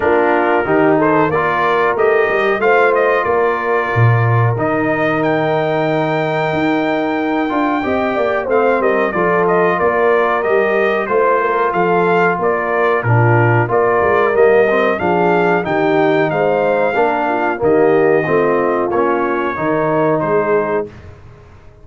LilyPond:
<<
  \new Staff \with { instrumentName = "trumpet" } { \time 4/4 \tempo 4 = 92 ais'4. c''8 d''4 dis''4 | f''8 dis''8 d''2 dis''4 | g''1~ | g''4 f''8 dis''8 d''8 dis''8 d''4 |
dis''4 c''4 f''4 d''4 | ais'4 d''4 dis''4 f''4 | g''4 f''2 dis''4~ | dis''4 cis''2 c''4 | }
  \new Staff \with { instrumentName = "horn" } { \time 4/4 f'4 g'8 a'8 ais'2 | c''4 ais'2.~ | ais'1 | dis''8 d''8 c''8 ais'8 a'4 ais'4~ |
ais'4 c''8 ais'8 a'4 ais'4 | f'4 ais'2 gis'4 | g'4 c''4 ais'8 f'8 g'4 | f'2 ais'4 gis'4 | }
  \new Staff \with { instrumentName = "trombone" } { \time 4/4 d'4 dis'4 f'4 g'4 | f'2. dis'4~ | dis'2.~ dis'8 f'8 | g'4 c'4 f'2 |
g'4 f'2. | d'4 f'4 ais8 c'8 d'4 | dis'2 d'4 ais4 | c'4 cis'4 dis'2 | }
  \new Staff \with { instrumentName = "tuba" } { \time 4/4 ais4 dis4 ais4 a8 g8 | a4 ais4 ais,4 dis4~ | dis2 dis'4. d'8 | c'8 ais8 a8 g8 f4 ais4 |
g4 a4 f4 ais4 | ais,4 ais8 gis8 g4 f4 | dis4 gis4 ais4 dis4 | a4 ais4 dis4 gis4 | }
>>